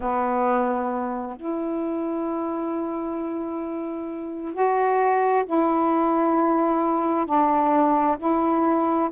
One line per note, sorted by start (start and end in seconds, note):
0.00 1.36 B3
1.36 4.53 E4
4.53 5.44 F#4
5.45 7.26 E4
7.26 8.17 D4
8.18 9.09 E4